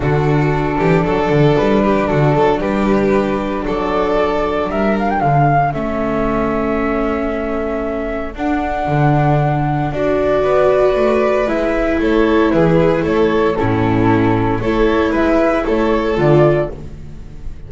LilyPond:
<<
  \new Staff \with { instrumentName = "flute" } { \time 4/4 \tempo 4 = 115 a'2. b'4 | a'4 b'2 d''4~ | d''4 e''8 f''16 g''16 f''4 e''4~ | e''1 |
fis''2. d''4~ | d''2 e''4 cis''4 | b'4 cis''4 a'2 | cis''4 e''4 cis''4 d''4 | }
  \new Staff \with { instrumentName = "violin" } { \time 4/4 fis'4. g'8 a'4. g'8 | fis'8 a'8 g'2 a'4~ | a'4 ais'4 a'2~ | a'1~ |
a'1 | b'2. a'4 | gis'4 a'4 e'2 | a'4 b'4 a'2 | }
  \new Staff \with { instrumentName = "viola" } { \time 4/4 d'1~ | d'1~ | d'2. cis'4~ | cis'1 |
d'2. fis'4~ | fis'2 e'2~ | e'2 cis'2 | e'2. f'4 | }
  \new Staff \with { instrumentName = "double bass" } { \time 4/4 d4. e8 fis8 d8 g4 | d8 fis8 g2 fis4~ | fis4 g4 d4 a4~ | a1 |
d'4 d2 d'4 | b4 a4 gis4 a4 | e4 a4 a,2 | a4 gis4 a4 d4 | }
>>